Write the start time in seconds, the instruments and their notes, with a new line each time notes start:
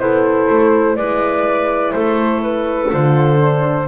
0.00 double bass B3, clarinet E4, horn A4, flute C5
0.50 double bass A3
0.97 double bass G#3, horn E4, clarinet B4, flute D5
1.93 double bass A3, clarinet A4, flute C5
2.43 flute B4
2.92 double bass D3, horn F4, flute C5
3.37 horn D4